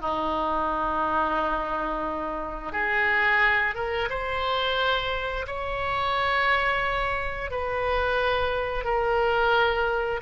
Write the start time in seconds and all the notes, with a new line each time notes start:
0.00 D#4
2.72 G#4
3.74 A#4
4.09 C5
5.46 C#5
7.51 B4
8.84 A#4